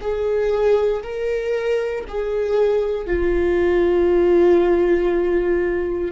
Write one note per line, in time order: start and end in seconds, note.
0.00 1.02 G#4
1.03 2.04 A#4
2.08 3.06 G#4
3.06 6.11 F4